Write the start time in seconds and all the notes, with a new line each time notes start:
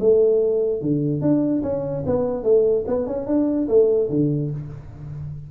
0.00 A3
0.82 D3
1.22 D4
1.63 C#4
2.07 B3
2.44 A3
2.87 B3
3.07 C#4
3.27 D4
3.69 A3
4.10 D3